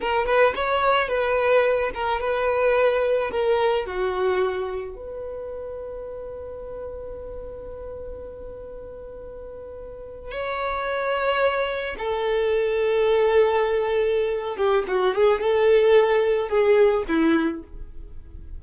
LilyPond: \new Staff \with { instrumentName = "violin" } { \time 4/4 \tempo 4 = 109 ais'8 b'8 cis''4 b'4. ais'8 | b'2 ais'4 fis'4~ | fis'4 b'2.~ | b'1~ |
b'2~ b'8. cis''4~ cis''16~ | cis''4.~ cis''16 a'2~ a'16~ | a'2~ a'8 g'8 fis'8 gis'8 | a'2 gis'4 e'4 | }